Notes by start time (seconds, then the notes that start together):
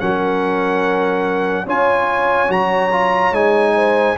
0.00 F#3 C#4 A#4 F#5
1.66 C#4 F4 C#5 G#5
2.48 F#3 F#4 A#5
2.92 F4
3.32 G#3 D#4 G#5
3.76 C5